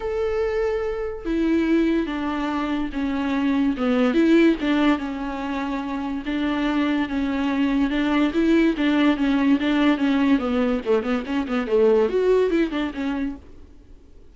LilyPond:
\new Staff \with { instrumentName = "viola" } { \time 4/4 \tempo 4 = 144 a'2. e'4~ | e'4 d'2 cis'4~ | cis'4 b4 e'4 d'4 | cis'2. d'4~ |
d'4 cis'2 d'4 | e'4 d'4 cis'4 d'4 | cis'4 b4 a8 b8 cis'8 b8 | a4 fis'4 e'8 d'8 cis'4 | }